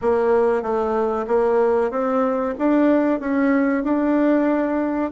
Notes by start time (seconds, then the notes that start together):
0.01 A#3
0.62 A3
1.27 A#3
1.90 C4
2.58 D4
3.20 C#4
3.83 D4